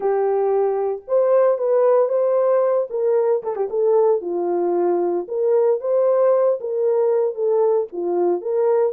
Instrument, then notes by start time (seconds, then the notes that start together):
horn
0.00 G4
1.07 C5
1.57 B4
2.08 C5
2.89 A#4
3.43 A4
3.55 G4
3.70 A4
4.21 F4
5.28 A#4
5.80 C5
6.60 A#4
7.34 A4
7.92 F4
8.41 A#4